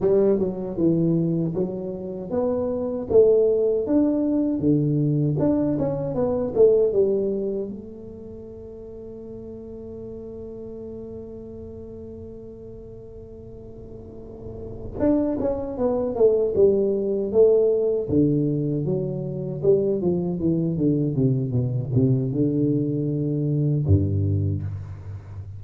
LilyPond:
\new Staff \with { instrumentName = "tuba" } { \time 4/4 \tempo 4 = 78 g8 fis8 e4 fis4 b4 | a4 d'4 d4 d'8 cis'8 | b8 a8 g4 a2~ | a1~ |
a2.~ a8 d'8 | cis'8 b8 a8 g4 a4 d8~ | d8 fis4 g8 f8 e8 d8 c8 | b,8 c8 d2 g,4 | }